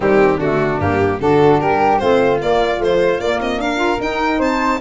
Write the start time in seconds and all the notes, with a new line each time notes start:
0.00 D#3 G3 C4 G4
0.37 D3 A3 D4 F#4
0.79 G2 A#3 G4
1.20 D3 D4 F#4 A4
1.60 G3 G4 A#4
1.98 A3 C4 F4 C5
2.41 A#3 D5
2.77 F3 A3
2.83 C5
3.19 A#3 D5
3.40 C4 D#5
3.57 D4 A#4 F5
3.76 F4
4.00 D#4 G5
4.38 C4 C5 A5